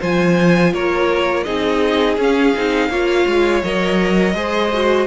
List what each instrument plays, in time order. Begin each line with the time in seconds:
0.00 cello F3, viola F4, violin C5 G#5
0.73 cello A#3, violin A#4 C#5
1.43 cello C4, viola D#4, violin G#4 D#5
2.17 cello C#4, viola C#4, violin F5
2.55 cello C4, viola D#4
2.89 cello A#3, viola F4, violin C#5
3.26 cello G#3
3.63 cello F#3, viola A#4, violin D#5
4.34 cello G#3, viola G#4, violin C5
4.73 viola F#4